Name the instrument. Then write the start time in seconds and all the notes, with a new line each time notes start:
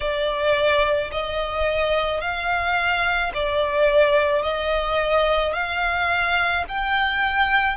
violin
0.00 D5
1.11 D#5
2.20 F5
3.34 D5
4.42 D#5
5.53 F5
6.68 G5